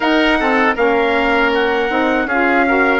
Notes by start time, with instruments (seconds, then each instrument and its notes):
0.00 bassoon D#4, saxophone D#4, oboe A#4, trumpet F#5
0.39 saxophone C4, oboe A4
0.75 bassoon A#3, saxophone C#4, oboe A#4, trumpet F5
1.53 trumpet F#5
1.89 bassoon C4, saxophone D#4
2.26 bassoon C#4, saxophone F4, oboe G#4, trumpet F5
2.66 saxophone F#4, oboe A#4